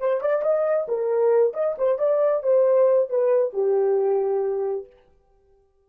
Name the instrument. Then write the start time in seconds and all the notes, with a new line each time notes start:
horn
0.00 C5
0.21 D5
0.43 D#5
0.88 A#4
1.54 D#5
1.78 C5
1.99 D5
2.43 C5
3.10 B4
3.53 G4